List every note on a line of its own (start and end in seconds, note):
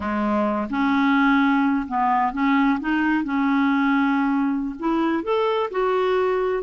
0.00 0.67 G#3
0.70 1.86 C#4
1.87 2.32 B3
2.32 2.79 C#4
2.79 3.24 D#4
3.24 4.75 C#4
4.79 5.23 E4
5.23 5.70 A4
5.70 6.63 F#4